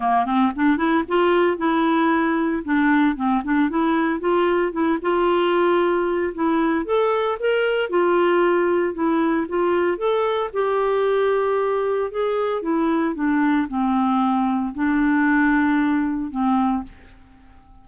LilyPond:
\new Staff \with { instrumentName = "clarinet" } { \time 4/4 \tempo 4 = 114 ais8 c'8 d'8 e'8 f'4 e'4~ | e'4 d'4 c'8 d'8 e'4 | f'4 e'8 f'2~ f'8 | e'4 a'4 ais'4 f'4~ |
f'4 e'4 f'4 a'4 | g'2. gis'4 | e'4 d'4 c'2 | d'2. c'4 | }